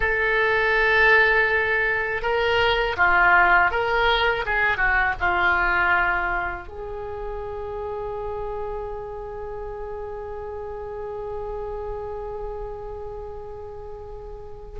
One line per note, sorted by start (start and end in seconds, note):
0.00 2.22 A4
2.22 2.96 A#4
2.96 3.70 F4
3.70 4.44 A#4
4.45 4.77 G#4
4.77 5.14 F#4
5.20 6.67 F4
6.67 14.79 G#4